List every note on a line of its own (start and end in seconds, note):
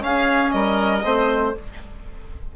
0.00 1.02 C#4
0.00 0.53 C#4
0.00 0.54 G#4
0.00 0.50 F5
0.50 1.03 G3
0.50 1.04 A#4
0.50 1.52 D#5
1.03 1.54 A3
1.03 1.55 C4
1.03 1.55 C5